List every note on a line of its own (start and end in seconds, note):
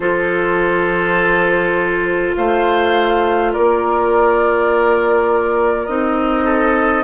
0.00 2.32 F3
0.00 5.88 F4
0.00 2.36 A4
0.00 2.34 C5
2.36 3.54 A3
2.36 3.52 C5
2.36 3.53 F5
3.52 5.87 A#3
3.52 6.44 A#4
3.52 5.86 D5
5.86 7.03 C4
5.86 7.03 D#4
5.86 7.03 D#5
6.44 7.03 A4